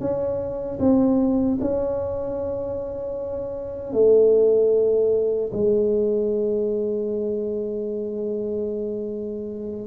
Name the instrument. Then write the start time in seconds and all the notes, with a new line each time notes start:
tuba
0.00 C#4
0.80 C4
1.61 C#4
3.93 A3
5.53 G#3